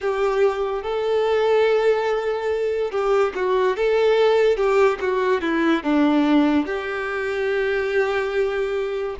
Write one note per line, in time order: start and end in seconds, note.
0.00 0.83 G4
0.83 2.91 A4
2.91 3.32 G4
3.35 3.76 F#4
3.76 4.56 A4
4.56 4.98 G4
5.00 5.41 F#4
5.41 5.83 E4
5.83 6.66 D4
6.66 9.16 G4